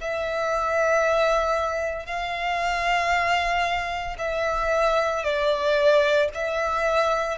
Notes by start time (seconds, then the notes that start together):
0.00 E5
2.05 F5
4.18 E5
5.23 D5
6.34 E5